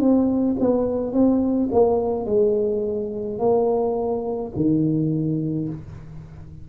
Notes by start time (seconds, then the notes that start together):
0.00 C4
0.60 B3
1.13 C4
1.72 A#3
2.26 G#3
3.39 A#3
4.56 D#3